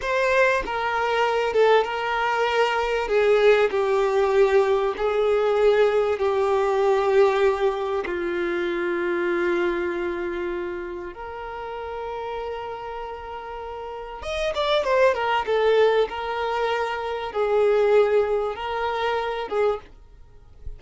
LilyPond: \new Staff \with { instrumentName = "violin" } { \time 4/4 \tempo 4 = 97 c''4 ais'4. a'8 ais'4~ | ais'4 gis'4 g'2 | gis'2 g'2~ | g'4 f'2.~ |
f'2 ais'2~ | ais'2. dis''8 d''8 | c''8 ais'8 a'4 ais'2 | gis'2 ais'4. gis'8 | }